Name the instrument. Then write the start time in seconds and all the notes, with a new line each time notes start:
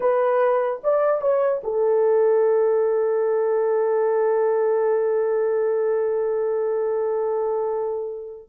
horn
0.00 B4
0.83 D5
1.21 C#5
1.63 A4